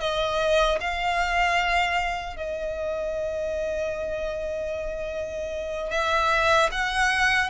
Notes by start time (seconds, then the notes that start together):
0.00 D#5
0.80 F5
2.36 D#5
5.91 E5
6.72 F#5